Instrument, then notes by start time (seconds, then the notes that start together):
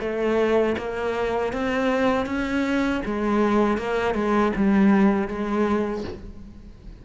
cello
0.00 A3
0.78 A#3
1.53 C4
2.26 C#4
3.05 G#3
3.78 A#3
4.15 G#3
4.56 G3
5.28 G#3